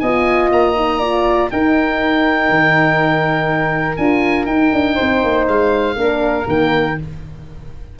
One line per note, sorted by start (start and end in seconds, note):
0.00 0.51 B3
0.00 0.76 F4
0.00 1.00 D#5
0.00 0.50 G#5
0.51 1.50 A#3
0.51 1.51 A#5
0.76 1.01 D#4
1.00 1.50 F4
1.00 1.49 D5
1.51 3.99 D#4
1.51 2.49 D#4
1.51 4.95 A#4
1.51 3.97 G5
2.49 3.98 D#3
3.97 4.46 D4
3.97 4.48 F4
3.97 4.46 G#5
4.46 4.71 D#4
4.46 5.97 D#4
4.46 5.45 G5
4.73 4.98 D4
4.95 5.23 C4
4.95 5.94 C5
5.23 5.48 A#3
5.48 5.96 G#3
5.48 6.47 F5
5.96 6.45 A#3
5.96 6.45 D4
5.96 6.99 A#4
6.45 6.97 D#3
6.45 6.94 A#3
6.45 6.99 G5